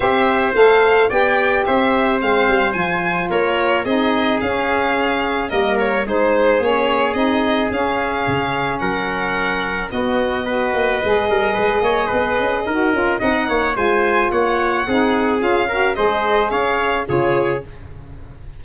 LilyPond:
<<
  \new Staff \with { instrumentName = "violin" } { \time 4/4 \tempo 4 = 109 e''4 f''4 g''4 e''4 | f''4 gis''4 cis''4 dis''4 | f''2 dis''8 cis''8 c''4 | cis''4 dis''4 f''2 |
fis''2 dis''2~ | dis''1 | fis''4 gis''4 fis''2 | f''4 dis''4 f''4 cis''4 | }
  \new Staff \with { instrumentName = "trumpet" } { \time 4/4 c''2 d''4 c''4~ | c''2 ais'4 gis'4~ | gis'2 ais'4 gis'4~ | gis'1 |
ais'2 fis'4 b'4~ | b'8 ais'8 b'8 cis''8 b'4 ais'4 | dis''8 cis''8 c''4 cis''4 gis'4~ | gis'8 ais'8 c''4 cis''4 gis'4 | }
  \new Staff \with { instrumentName = "saxophone" } { \time 4/4 g'4 a'4 g'2 | c'4 f'2 dis'4 | cis'2 ais4 dis'4 | cis'4 dis'4 cis'2~ |
cis'2 b4 fis'4 | gis'2. fis'8 f'8 | dis'4 f'2 dis'4 | f'8 fis'8 gis'2 f'4 | }
  \new Staff \with { instrumentName = "tuba" } { \time 4/4 c'4 a4 b4 c'4 | gis8 g8 f4 ais4 c'4 | cis'2 g4 gis4 | ais4 c'4 cis'4 cis4 |
fis2 b4. ais8 | gis8 g8 gis8 ais8 b8 cis'8 dis'8 cis'8 | c'8 ais8 gis4 ais4 c'4 | cis'4 gis4 cis'4 cis4 | }
>>